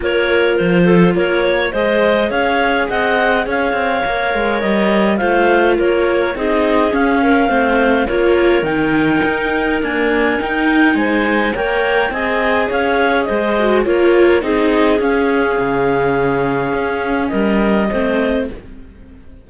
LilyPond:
<<
  \new Staff \with { instrumentName = "clarinet" } { \time 4/4 \tempo 4 = 104 cis''4 c''4 cis''4 dis''4 | f''4 fis''4 f''2 | dis''4 f''4 cis''4 dis''4 | f''2 cis''4 g''4~ |
g''4 gis''4 g''4 gis''4 | g''4 gis''4 f''4 dis''4 | cis''4 dis''4 f''2~ | f''2 dis''2 | }
  \new Staff \with { instrumentName = "clarinet" } { \time 4/4 ais'4. a'8 ais'8 cis''8 c''4 | cis''4 dis''4 cis''2~ | cis''4 c''4 ais'4 gis'4~ | gis'8 ais'8 c''4 ais'2~ |
ais'2. c''4 | cis''4 dis''4 cis''4 c''4 | ais'4 gis'2.~ | gis'2 ais'4 c''4 | }
  \new Staff \with { instrumentName = "viola" } { \time 4/4 f'2. gis'4~ | gis'2. ais'4~ | ais'4 f'2 dis'4 | cis'4 c'4 f'4 dis'4~ |
dis'4 ais4 dis'2 | ais'4 gis'2~ gis'8 fis'8 | f'4 dis'4 cis'2~ | cis'2. c'4 | }
  \new Staff \with { instrumentName = "cello" } { \time 4/4 ais4 f4 ais4 gis4 | cis'4 c'4 cis'8 c'8 ais8 gis8 | g4 a4 ais4 c'4 | cis'4 a4 ais4 dis4 |
dis'4 d'4 dis'4 gis4 | ais4 c'4 cis'4 gis4 | ais4 c'4 cis'4 cis4~ | cis4 cis'4 g4 a4 | }
>>